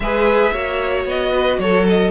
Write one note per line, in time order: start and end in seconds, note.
0.00 0.51 G#3
0.00 0.53 G#4
0.00 0.52 B4
0.00 1.06 E5
0.52 1.04 A#3
0.52 2.11 F#4
0.52 1.32 C#5
1.04 1.57 B3
1.04 1.59 D#5
1.32 1.59 B4
1.58 2.11 F#3
1.58 2.11 A4
1.58 1.86 C#5
1.88 2.11 D#5